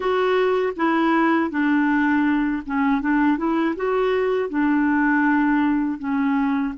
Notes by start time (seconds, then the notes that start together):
0.00 F#4
0.76 E4
1.50 D4
2.66 C#4
3.01 D4
3.37 E4
3.75 F#4
4.49 D4
5.98 C#4